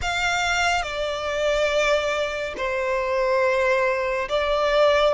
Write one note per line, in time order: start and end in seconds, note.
0.01 0.82 F5
0.82 2.54 D5
2.57 4.28 C5
4.29 5.14 D5